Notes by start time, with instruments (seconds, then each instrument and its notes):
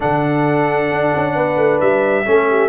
0.00 tuba D3, trombone D4, horn A4, trumpet F#5
0.91 tuba D4
1.15 tuba C#4
1.35 tuba B3, horn B4
1.56 tuba A3
1.80 tuba G3, trumpet E5
2.25 tuba A3, trombone C#4, horn A4
2.49 horn G4